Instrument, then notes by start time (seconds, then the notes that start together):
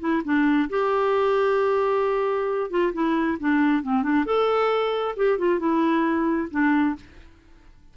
clarinet
0.00 E4
0.24 D4
0.70 G4
2.70 F4
2.93 E4
3.40 D4
3.83 C4
4.03 D4
4.25 A4
5.16 G4
5.39 F4
5.59 E4
6.51 D4